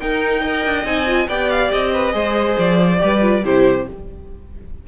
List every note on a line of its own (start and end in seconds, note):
0.00 0.44 D#4
0.00 0.66 D#4
0.00 0.41 A#4
0.00 0.85 G5
0.41 0.84 A#4
0.41 1.27 D#5
0.66 0.84 D4
0.84 1.27 C4
0.84 1.05 D#4
0.84 1.28 G#5
1.07 1.28 F4
1.28 1.71 B3
1.28 2.12 G4
1.28 1.92 D5
1.28 1.50 G5
1.50 1.71 F5
1.72 2.14 C4
1.72 2.57 D#5
1.93 2.14 B4
2.12 2.57 G#3
2.12 2.97 G#4
2.12 3.00 C5
2.58 3.01 F3
2.58 3.45 D5
2.99 3.44 G3
2.99 3.20 G4
2.99 3.44 B4
3.21 3.43 F4
3.44 3.87 C3
3.44 3.87 E4
3.44 3.87 G4
3.44 3.88 C5